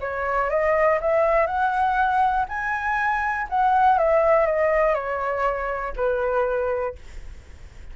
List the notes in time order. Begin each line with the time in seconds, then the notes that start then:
0.00 C#5
0.50 D#5
1.01 E5
1.47 F#5
2.48 G#5
3.49 F#5
3.98 E5
4.46 D#5
4.94 C#5
5.96 B4